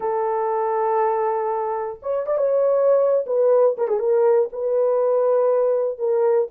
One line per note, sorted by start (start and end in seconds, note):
0.00 1.99 A4
2.02 2.26 C#5
2.26 2.38 D5
2.38 3.25 C#5
3.26 3.76 B4
3.77 3.88 A#4
3.88 3.99 G#4
3.99 4.49 A#4
4.52 5.98 B4
5.98 6.48 A#4